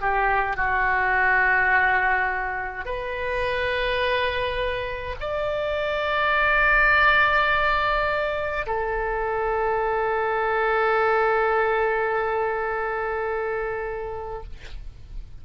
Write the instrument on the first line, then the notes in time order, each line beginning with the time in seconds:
oboe
0.00 G4
0.56 F#4
2.85 B4
5.19 D5
8.66 A4